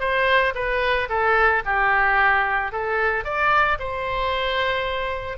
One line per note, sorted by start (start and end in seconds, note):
0.00 0.54 C5
0.55 1.08 B4
1.09 1.63 A4
1.65 2.72 G4
2.72 3.24 A4
3.24 3.78 D5
3.79 5.37 C5